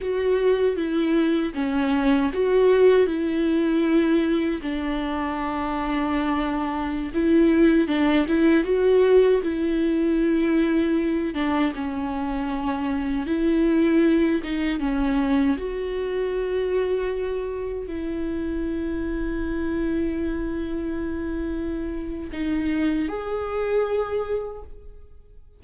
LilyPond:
\new Staff \with { instrumentName = "viola" } { \time 4/4 \tempo 4 = 78 fis'4 e'4 cis'4 fis'4 | e'2 d'2~ | d'4~ d'16 e'4 d'8 e'8 fis'8.~ | fis'16 e'2~ e'8 d'8 cis'8.~ |
cis'4~ cis'16 e'4. dis'8 cis'8.~ | cis'16 fis'2. e'8.~ | e'1~ | e'4 dis'4 gis'2 | }